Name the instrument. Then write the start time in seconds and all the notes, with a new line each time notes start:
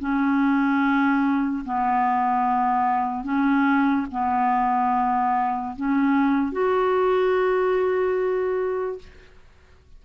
clarinet
0.00 C#4
1.65 B3
3.24 C#4
4.11 B3
5.76 C#4
6.52 F#4